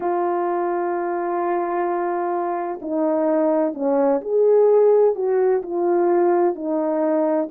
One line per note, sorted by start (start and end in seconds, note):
0.00 2.79 F4
2.81 3.74 D#4
3.74 4.21 C#4
4.21 5.15 G#4
5.15 5.62 F#4
5.62 6.55 F4
6.55 7.48 D#4